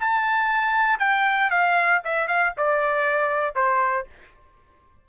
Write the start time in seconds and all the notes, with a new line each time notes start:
0.00 A5
1.00 G5
1.51 F5
2.05 E5
2.28 F5
2.57 D5
3.56 C5